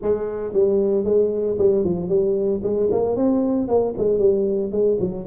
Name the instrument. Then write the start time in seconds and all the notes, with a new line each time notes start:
tuba
0.01 G#3
0.53 G3
1.04 G#3
1.58 G3
1.84 F3
2.08 G3
2.63 G#3
2.91 A#3
3.16 C4
3.67 A#3
3.97 G#3
4.18 G3
4.71 G#3
5.00 F#3